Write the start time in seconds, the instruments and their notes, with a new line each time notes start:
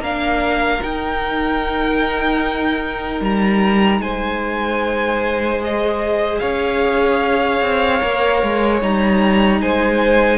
0.00 cello A#3, viola D4, violin A#4 F5
0.81 viola D#4, cello D#4, violin G5
3.21 cello G3, violin A#5
4.00 cello G#3, violin C5 G#5
5.61 viola G#4, violin D#5
6.39 cello C#4, violin C#5 F5
7.62 cello C4
8.00 cello A#3, viola A#4
8.43 cello G#3
8.81 cello G3, viola D#4, violin A#5
9.62 cello G#3, violin C5 G#5